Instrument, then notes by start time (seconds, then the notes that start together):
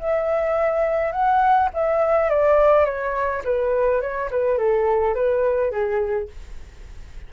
flute
0.00 E5
1.12 F#5
1.74 E5
2.30 D5
2.85 C#5
3.45 B4
4.02 C#5
4.31 B4
4.58 A4
5.15 B4
5.71 G#4